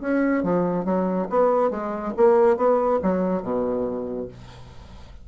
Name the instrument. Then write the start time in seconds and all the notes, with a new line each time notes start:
bassoon
0.00 C#4
0.43 F3
0.84 F#3
1.29 B3
1.70 G#3
2.16 A#3
2.56 B3
3.02 F#3
3.42 B2